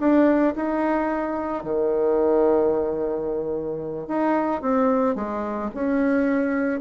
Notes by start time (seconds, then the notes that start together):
0.00 D4
0.56 D#4
1.64 D#3
4.08 D#4
4.62 C4
5.16 G#3
5.75 C#4